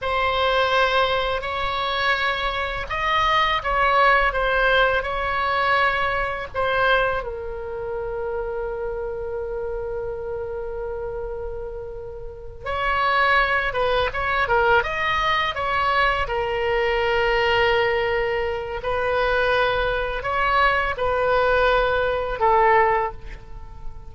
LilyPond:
\new Staff \with { instrumentName = "oboe" } { \time 4/4 \tempo 4 = 83 c''2 cis''2 | dis''4 cis''4 c''4 cis''4~ | cis''4 c''4 ais'2~ | ais'1~ |
ais'4. cis''4. b'8 cis''8 | ais'8 dis''4 cis''4 ais'4.~ | ais'2 b'2 | cis''4 b'2 a'4 | }